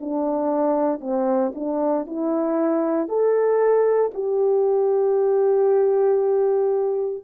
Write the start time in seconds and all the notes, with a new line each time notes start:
0.00 D4
1.01 C4
1.55 D4
2.06 E4
3.08 A4
4.14 G4